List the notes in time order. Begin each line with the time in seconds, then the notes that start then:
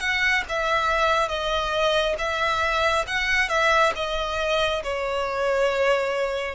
0.00 F#5
0.49 E5
1.28 D#5
2.18 E5
3.07 F#5
3.49 E5
3.96 D#5
4.83 C#5